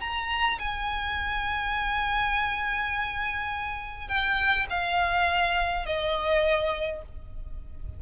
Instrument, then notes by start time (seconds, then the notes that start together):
violin
0.00 A#5
0.58 G#5
4.08 G5
4.69 F5
5.85 D#5